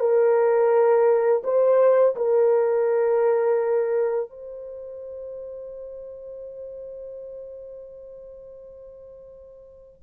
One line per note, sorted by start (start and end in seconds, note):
0.00 1.43 A#4
1.44 2.16 C5
2.16 4.30 A#4
4.30 10.02 C5